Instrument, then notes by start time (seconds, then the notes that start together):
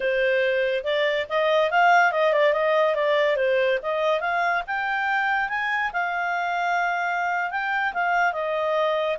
clarinet
0.00 C5
0.84 D5
1.29 D#5
1.70 F5
2.12 D#5
2.32 D5
2.53 D#5
2.95 D5
3.36 C5
3.82 D#5
4.20 F5
4.66 G5
5.48 G#5
5.93 F5
7.50 G5
7.93 F5
8.32 D#5